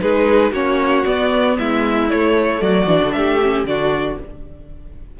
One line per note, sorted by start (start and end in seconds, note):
0.00 0.52 G#3
0.00 0.53 D#4
0.00 0.52 G#4
0.00 0.52 B4
0.52 1.04 A#3
0.52 1.05 C#4
0.52 1.57 F#4
0.52 1.05 C#5
1.05 2.09 B3
1.05 1.58 B3
1.05 1.57 D5
1.58 2.12 G#3
1.58 2.62 E4
1.58 2.10 E5
2.10 2.87 A3
2.10 2.61 A3
2.10 2.62 C#5
2.61 2.87 F#3
2.61 3.14 F#4
2.61 3.12 D5
2.87 3.00 E3
2.87 3.39 D4
3.03 3.14 D3
3.12 3.64 A3
3.12 3.67 G4
3.12 3.64 E5
3.42 3.67 C#4
3.64 4.16 D3
3.64 4.19 D4
3.64 4.20 F#4
3.64 4.19 D5